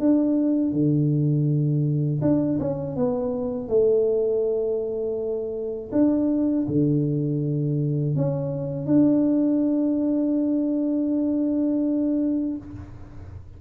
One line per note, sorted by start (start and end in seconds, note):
0.00 0.73 D4
0.73 2.21 D3
2.22 2.59 D4
2.60 2.96 C#4
2.96 3.69 B3
3.69 5.91 A3
5.93 6.67 D4
6.68 8.16 D3
8.16 8.87 C#4
8.87 12.58 D4